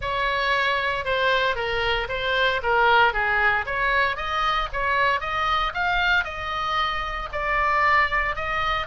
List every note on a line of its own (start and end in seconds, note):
0.01 1.04 C#5
1.04 1.55 C5
1.55 2.07 A#4
2.08 2.61 C5
2.63 3.13 A#4
3.13 3.65 G#4
3.66 4.16 C#5
4.16 4.68 D#5
4.72 5.20 C#5
5.20 5.72 D#5
5.73 6.24 F5
6.24 7.29 D#5
7.32 8.35 D5
8.35 8.86 D#5